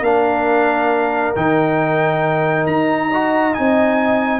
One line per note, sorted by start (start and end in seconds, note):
0.00 1.31 A#3
0.00 1.35 D4
0.00 3.08 A#4
0.00 1.35 F5
1.35 2.66 D#3
1.35 3.11 D#4
1.35 2.66 G5
2.66 3.54 D#4
2.66 3.54 A#5
3.08 3.53 F#4
3.08 4.39 D#5
3.53 4.40 C4
3.53 4.40 D#4
3.53 4.40 G#5